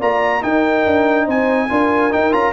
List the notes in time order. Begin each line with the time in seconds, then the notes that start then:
0.00 A#3 F4 D5 A#5
0.42 D#4 A#4 G5
0.86 D4
1.26 C4 C5 G#5
1.70 D4 F4 A#4
2.11 D#4 G5
2.32 C#4 F4 A#5